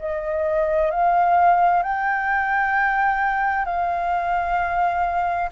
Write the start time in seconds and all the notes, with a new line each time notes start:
0.00 D#5
0.91 F5
1.83 G5
3.65 F5